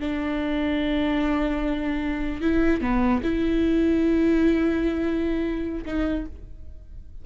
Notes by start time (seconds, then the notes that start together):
0.00 D4
2.42 E4
2.81 B3
3.23 E4
5.86 D#4